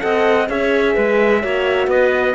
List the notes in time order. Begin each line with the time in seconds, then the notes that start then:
0.00 C4 A4 D#5 F#5
0.49 C#4 G#4 C#5 E5
0.95 G#3 B4
1.41 A#3 F#4 C#5
1.87 B3 B4 D#5